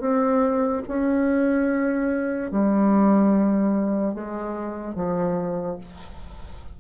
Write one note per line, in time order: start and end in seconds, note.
0.00 0.82 C4
0.88 2.51 C#4
2.51 4.14 G3
4.14 4.95 G#3
4.95 5.78 F3